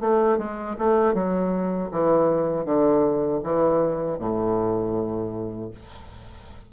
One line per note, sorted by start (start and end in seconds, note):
0.00 0.38 A3
0.38 0.76 G#3
0.78 1.14 A3
1.14 1.90 F#3
1.91 2.65 E3
2.65 3.41 D3
3.43 4.19 E3
4.19 5.71 A2